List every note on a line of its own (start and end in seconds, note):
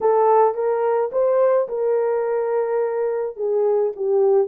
0.01 0.54 A4
0.54 1.10 A#4
1.12 1.68 C5
1.68 3.36 A#4
3.36 3.92 G#4
3.96 4.47 G4